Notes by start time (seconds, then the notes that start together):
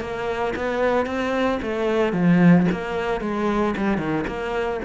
0.00 A#3
0.56 B3
1.06 C4
1.62 A3
2.13 F3
2.71 A#3
3.21 G#3
3.76 G3
3.98 D#3
4.27 A#3